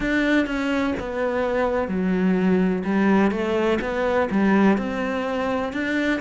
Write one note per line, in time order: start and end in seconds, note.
0.00 0.46 D4
0.46 0.94 C#4
0.99 1.88 B3
1.88 2.83 F#3
2.84 3.31 G3
3.31 3.78 A3
3.81 4.29 B3
4.31 4.77 G3
4.77 5.72 C4
5.72 6.20 D4